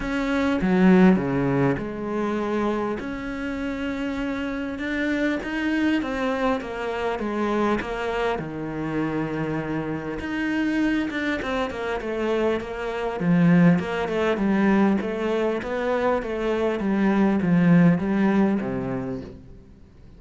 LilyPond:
\new Staff \with { instrumentName = "cello" } { \time 4/4 \tempo 4 = 100 cis'4 fis4 cis4 gis4~ | gis4 cis'2. | d'4 dis'4 c'4 ais4 | gis4 ais4 dis2~ |
dis4 dis'4. d'8 c'8 ais8 | a4 ais4 f4 ais8 a8 | g4 a4 b4 a4 | g4 f4 g4 c4 | }